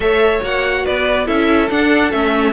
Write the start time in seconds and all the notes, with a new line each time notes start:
0.00 A3 A4 C#5 E5
0.41 A#3 F#4 F#5
0.85 B3 B4 D5
1.25 C#4 E4 A4 E5
1.69 D4 F#5
2.11 A3 C#4 E5